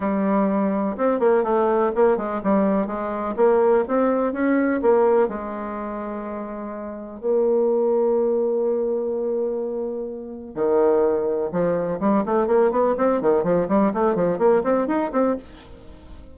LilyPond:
\new Staff \with { instrumentName = "bassoon" } { \time 4/4 \tempo 4 = 125 g2 c'8 ais8 a4 | ais8 gis8 g4 gis4 ais4 | c'4 cis'4 ais4 gis4~ | gis2. ais4~ |
ais1~ | ais2 dis2 | f4 g8 a8 ais8 b8 c'8 dis8 | f8 g8 a8 f8 ais8 c'8 dis'8 c'8 | }